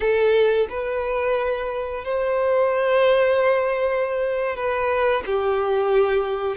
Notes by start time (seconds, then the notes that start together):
0.00 A4
0.69 B4
2.04 C5
4.55 B4
5.26 G4